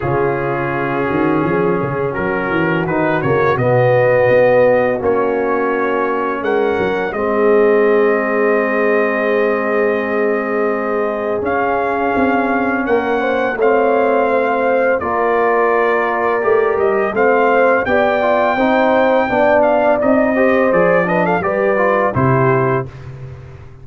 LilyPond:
<<
  \new Staff \with { instrumentName = "trumpet" } { \time 4/4 \tempo 4 = 84 gis'2. ais'4 | b'8 cis''8 dis''2 cis''4~ | cis''4 fis''4 dis''2~ | dis''1 |
f''2 fis''4 f''4~ | f''4 d''2~ d''8 dis''8 | f''4 g''2~ g''8 f''8 | dis''4 d''8 dis''16 f''16 d''4 c''4 | }
  \new Staff \with { instrumentName = "horn" } { \time 4/4 f'4. fis'8 gis'4 fis'4~ | fis'1~ | fis'4 ais'4 gis'2~ | gis'1~ |
gis'2 ais'8 c''8 cis''4 | c''4 ais'2. | c''4 d''4 c''4 d''4~ | d''8 c''4 b'16 a'16 b'4 g'4 | }
  \new Staff \with { instrumentName = "trombone" } { \time 4/4 cis'1 | dis'8 ais8 b2 cis'4~ | cis'2 c'2~ | c'1 |
cis'2. c'4~ | c'4 f'2 g'4 | c'4 g'8 f'8 dis'4 d'4 | dis'8 g'8 gis'8 d'8 g'8 f'8 e'4 | }
  \new Staff \with { instrumentName = "tuba" } { \time 4/4 cis4. dis8 f8 cis8 fis8 e8 | dis8 cis8 b,4 b4 ais4~ | ais4 gis8 fis8 gis2~ | gis1 |
cis'4 c'4 ais4 a4~ | a4 ais2 a8 g8 | a4 b4 c'4 b4 | c'4 f4 g4 c4 | }
>>